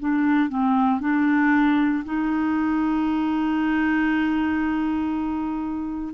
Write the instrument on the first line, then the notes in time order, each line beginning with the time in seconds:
clarinet
0.00 D4
0.50 C4
1.01 D4
2.05 D#4